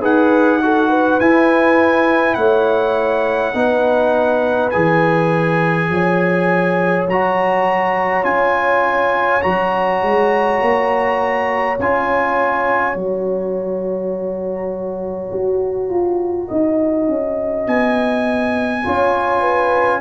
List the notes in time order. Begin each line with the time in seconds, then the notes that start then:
0.00 D#4 G#4 B4 F#5
0.62 F#4 A4
0.89 B4
1.20 E4 G#5
2.34 A3 C#5 F#5
3.54 B3 D#4 B4
4.70 E3 G#4 G#5
5.89 F3 C#5
7.08 F#3 F#4 A#5
8.23 C#4 F4 G#5
9.42 F#3 F#4 A#5
10.02 G#3
10.61 A#3
11.78 C#4 F4 G#5
12.93 F#3 F#4 A#5
15.32 F#4
15.89 F4
16.48 D#4 D#5
17.08 C#4
17.67 B3 G#5
18.83 C#4 F4 C#5
19.40 B4